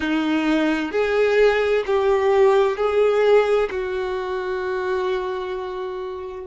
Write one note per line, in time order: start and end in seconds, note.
0.00 0.91 D#4
0.91 1.84 G#4
1.86 2.77 G4
2.77 3.69 G#4
3.70 6.46 F#4